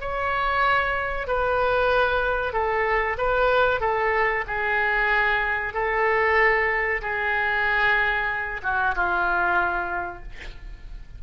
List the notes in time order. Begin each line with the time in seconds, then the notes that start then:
0.00 C#5
1.27 B4
2.53 A4
3.17 B4
3.80 A4
4.47 G#4
5.73 A4
7.02 G#4
8.63 F#4
8.95 F4